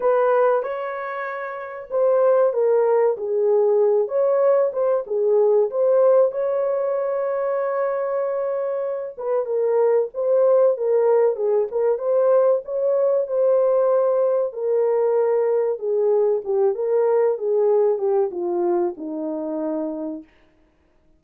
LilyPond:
\new Staff \with { instrumentName = "horn" } { \time 4/4 \tempo 4 = 95 b'4 cis''2 c''4 | ais'4 gis'4. cis''4 c''8 | gis'4 c''4 cis''2~ | cis''2~ cis''8 b'8 ais'4 |
c''4 ais'4 gis'8 ais'8 c''4 | cis''4 c''2 ais'4~ | ais'4 gis'4 g'8 ais'4 gis'8~ | gis'8 g'8 f'4 dis'2 | }